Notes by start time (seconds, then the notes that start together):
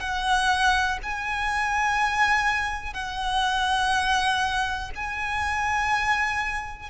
0.00 F#5
1.03 G#5
2.94 F#5
4.95 G#5